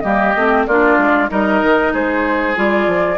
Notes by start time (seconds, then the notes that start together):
0.00 G3 A#3 G4 D#5
0.35 A3 C4
0.66 A#3 D4 F4 D5
0.98 G#3
1.29 G3 D#4 A#4 D#5
1.62 D#3
1.93 G#3 G#4 C5
2.56 G3 F4 D5
2.87 F3